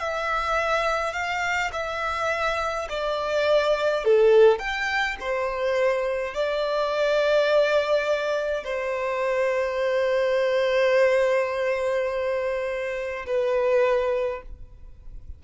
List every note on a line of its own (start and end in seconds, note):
0.00 1.13 E5
1.13 1.70 F5
1.73 2.88 E5
2.90 4.05 D5
4.05 4.59 A4
4.59 5.17 G5
5.20 6.34 C5
6.34 8.64 D5
8.64 13.26 C5
13.26 14.42 B4